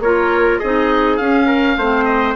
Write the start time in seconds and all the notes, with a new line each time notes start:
0.00 A#3 F4 A#4 C#5
0.59 C4 D#4 G#4 D#5
1.17 C#4 F5
1.47 A#4
1.77 A3 C4 C5
2.05 D#5